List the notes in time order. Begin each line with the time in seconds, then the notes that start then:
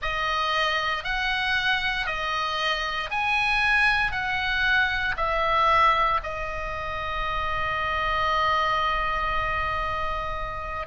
0.02 D#5
1.03 F#5
2.06 D#5
3.10 G#5
4.11 F#5
5.17 E5
6.23 D#5